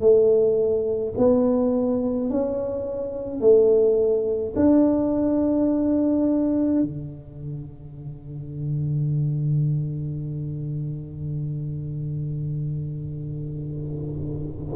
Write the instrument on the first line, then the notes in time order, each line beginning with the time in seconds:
tuba
0.00 A3
1.17 B3
2.30 C#4
3.40 A3
4.55 D4
6.82 D3